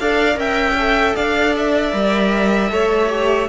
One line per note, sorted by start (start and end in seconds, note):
0.00 0.36 D4
0.00 0.34 A4
0.00 0.40 D5
0.00 0.39 F5
0.34 1.14 C#4
0.34 0.73 A#4
0.34 1.16 E5
0.34 1.16 G5
0.78 1.92 A4
1.16 1.93 D4
1.16 2.72 D5
1.16 1.55 F5
1.57 3.49 E5
1.92 2.71 G3
1.92 2.69 A#4
2.69 3.49 A3
2.69 3.08 A4
2.69 3.49 C#5
3.09 3.48 G4